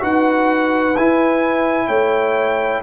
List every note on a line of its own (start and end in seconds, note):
0.00 0.97 D#4
0.00 0.94 F#4
0.00 1.87 B4
0.00 0.97 F#5
0.97 1.88 E4
0.97 2.83 E4
0.97 1.88 G#5
1.87 2.82 A3
1.87 2.81 C#5
1.87 2.82 G5